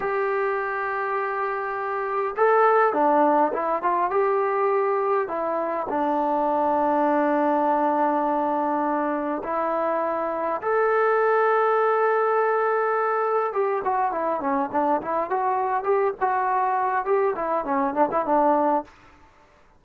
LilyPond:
\new Staff \with { instrumentName = "trombone" } { \time 4/4 \tempo 4 = 102 g'1 | a'4 d'4 e'8 f'8 g'4~ | g'4 e'4 d'2~ | d'1 |
e'2 a'2~ | a'2. g'8 fis'8 | e'8 cis'8 d'8 e'8 fis'4 g'8 fis'8~ | fis'4 g'8 e'8 cis'8 d'16 e'16 d'4 | }